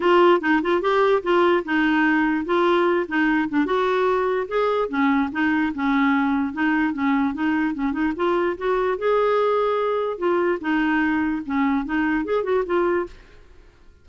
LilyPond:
\new Staff \with { instrumentName = "clarinet" } { \time 4/4 \tempo 4 = 147 f'4 dis'8 f'8 g'4 f'4 | dis'2 f'4. dis'8~ | dis'8 d'8 fis'2 gis'4 | cis'4 dis'4 cis'2 |
dis'4 cis'4 dis'4 cis'8 dis'8 | f'4 fis'4 gis'2~ | gis'4 f'4 dis'2 | cis'4 dis'4 gis'8 fis'8 f'4 | }